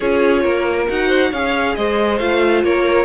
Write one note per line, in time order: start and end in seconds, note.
0.00 0.44 C#4
0.00 0.88 F4
0.00 0.42 G#4
0.00 0.86 C#5
0.42 0.88 A#3
0.42 1.07 A#4
0.88 1.32 D#4
0.88 1.32 F#4
0.88 1.33 F#5
1.07 1.29 C5
1.30 1.76 C#4
1.30 2.19 G#4
1.30 1.74 C#5
1.30 1.75 F5
1.75 2.20 G#3
1.75 2.64 C5
1.75 2.18 D#5
2.18 2.64 A3
2.18 3.05 F4
2.18 2.61 F5
2.64 3.05 A#3
2.64 3.05 A#4
2.64 3.05 C#5